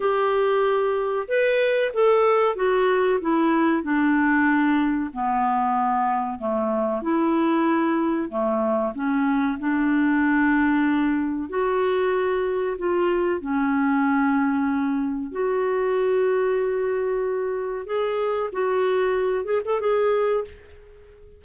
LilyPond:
\new Staff \with { instrumentName = "clarinet" } { \time 4/4 \tempo 4 = 94 g'2 b'4 a'4 | fis'4 e'4 d'2 | b2 a4 e'4~ | e'4 a4 cis'4 d'4~ |
d'2 fis'2 | f'4 cis'2. | fis'1 | gis'4 fis'4. gis'16 a'16 gis'4 | }